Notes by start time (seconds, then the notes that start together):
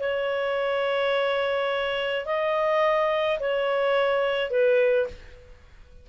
0.00 C#5
2.26 D#5
3.40 C#5
4.51 B4